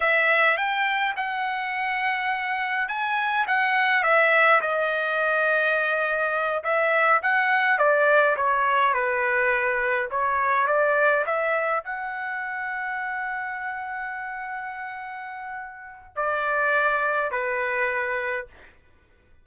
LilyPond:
\new Staff \with { instrumentName = "trumpet" } { \time 4/4 \tempo 4 = 104 e''4 g''4 fis''2~ | fis''4 gis''4 fis''4 e''4 | dis''2.~ dis''8 e''8~ | e''8 fis''4 d''4 cis''4 b'8~ |
b'4. cis''4 d''4 e''8~ | e''8 fis''2.~ fis''8~ | fis''1 | d''2 b'2 | }